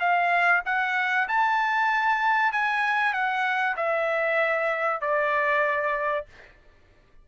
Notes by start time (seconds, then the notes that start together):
0.00 F5
0.66 F#5
1.28 A5
2.52 G#5
3.13 F#5
3.77 E5
5.01 D5